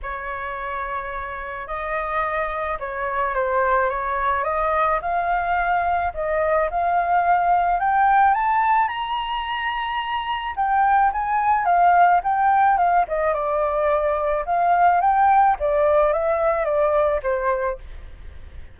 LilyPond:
\new Staff \with { instrumentName = "flute" } { \time 4/4 \tempo 4 = 108 cis''2. dis''4~ | dis''4 cis''4 c''4 cis''4 | dis''4 f''2 dis''4 | f''2 g''4 a''4 |
ais''2. g''4 | gis''4 f''4 g''4 f''8 dis''8 | d''2 f''4 g''4 | d''4 e''4 d''4 c''4 | }